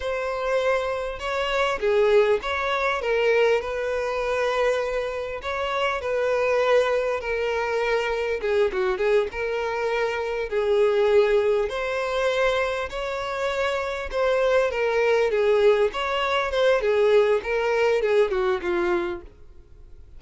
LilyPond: \new Staff \with { instrumentName = "violin" } { \time 4/4 \tempo 4 = 100 c''2 cis''4 gis'4 | cis''4 ais'4 b'2~ | b'4 cis''4 b'2 | ais'2 gis'8 fis'8 gis'8 ais'8~ |
ais'4. gis'2 c''8~ | c''4. cis''2 c''8~ | c''8 ais'4 gis'4 cis''4 c''8 | gis'4 ais'4 gis'8 fis'8 f'4 | }